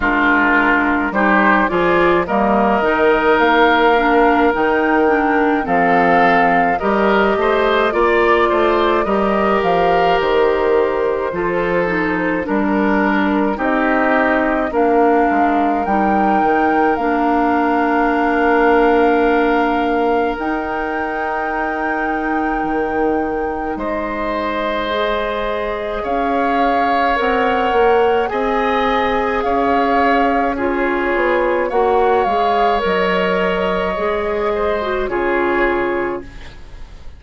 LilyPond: <<
  \new Staff \with { instrumentName = "flute" } { \time 4/4 \tempo 4 = 53 ais'4 c''8 d''8 dis''4 f''4 | g''4 f''4 dis''4 d''4 | dis''8 f''8 c''2 ais'4 | dis''4 f''4 g''4 f''4~ |
f''2 g''2~ | g''4 dis''2 f''4 | fis''4 gis''4 f''4 cis''4 | fis''8 f''8 dis''2 cis''4 | }
  \new Staff \with { instrumentName = "oboe" } { \time 4/4 f'4 g'8 gis'8 ais'2~ | ais'4 a'4 ais'8 c''8 d''8 c''8 | ais'2 a'4 ais'4 | g'4 ais'2.~ |
ais'1~ | ais'4 c''2 cis''4~ | cis''4 dis''4 cis''4 gis'4 | cis''2~ cis''8 c''8 gis'4 | }
  \new Staff \with { instrumentName = "clarinet" } { \time 4/4 d'4 dis'8 f'8 ais8 dis'4 d'8 | dis'8 d'8 c'4 g'4 f'4 | g'2 f'8 dis'8 d'4 | dis'4 d'4 dis'4 d'4~ |
d'2 dis'2~ | dis'2 gis'2 | ais'4 gis'2 f'4 | fis'8 gis'8 ais'4 gis'8. fis'16 f'4 | }
  \new Staff \with { instrumentName = "bassoon" } { \time 4/4 gis4 g8 f8 g8 dis8 ais4 | dis4 f4 g8 a8 ais8 a8 | g8 f8 dis4 f4 g4 | c'4 ais8 gis8 g8 dis8 ais4~ |
ais2 dis'2 | dis4 gis2 cis'4 | c'8 ais8 c'4 cis'4. b8 | ais8 gis8 fis4 gis4 cis4 | }
>>